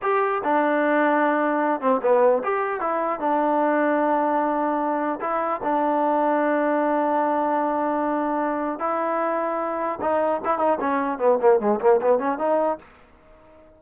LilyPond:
\new Staff \with { instrumentName = "trombone" } { \time 4/4 \tempo 4 = 150 g'4 d'2.~ | d'8 c'8 b4 g'4 e'4 | d'1~ | d'4 e'4 d'2~ |
d'1~ | d'2 e'2~ | e'4 dis'4 e'8 dis'8 cis'4 | b8 ais8 gis8 ais8 b8 cis'8 dis'4 | }